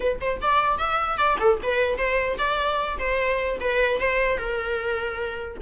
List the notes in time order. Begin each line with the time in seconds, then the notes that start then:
0.00 B4
0.20 C5
0.41 D5
0.77 E5
1.17 D5
1.39 A4
1.62 B4
1.97 C5
2.37 D5
2.98 C5
3.60 B4
4.00 C5
4.37 A#4